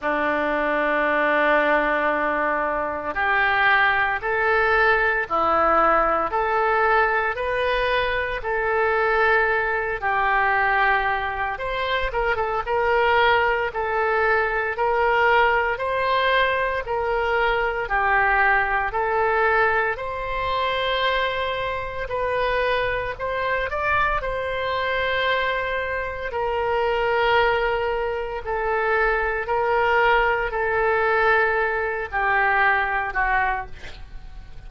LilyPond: \new Staff \with { instrumentName = "oboe" } { \time 4/4 \tempo 4 = 57 d'2. g'4 | a'4 e'4 a'4 b'4 | a'4. g'4. c''8 ais'16 a'16 | ais'4 a'4 ais'4 c''4 |
ais'4 g'4 a'4 c''4~ | c''4 b'4 c''8 d''8 c''4~ | c''4 ais'2 a'4 | ais'4 a'4. g'4 fis'8 | }